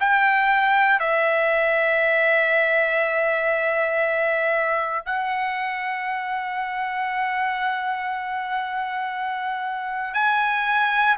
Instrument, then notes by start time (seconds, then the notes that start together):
trumpet
0.00 G5
0.99 E5
5.05 F#5
10.14 G#5